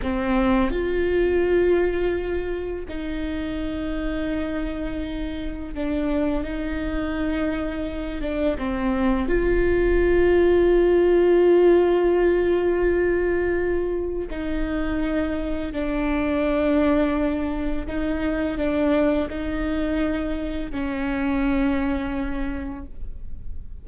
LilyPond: \new Staff \with { instrumentName = "viola" } { \time 4/4 \tempo 4 = 84 c'4 f'2. | dis'1 | d'4 dis'2~ dis'8 d'8 | c'4 f'2.~ |
f'1 | dis'2 d'2~ | d'4 dis'4 d'4 dis'4~ | dis'4 cis'2. | }